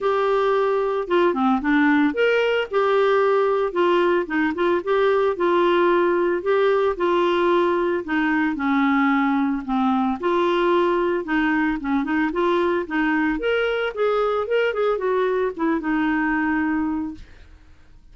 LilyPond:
\new Staff \with { instrumentName = "clarinet" } { \time 4/4 \tempo 4 = 112 g'2 f'8 c'8 d'4 | ais'4 g'2 f'4 | dis'8 f'8 g'4 f'2 | g'4 f'2 dis'4 |
cis'2 c'4 f'4~ | f'4 dis'4 cis'8 dis'8 f'4 | dis'4 ais'4 gis'4 ais'8 gis'8 | fis'4 e'8 dis'2~ dis'8 | }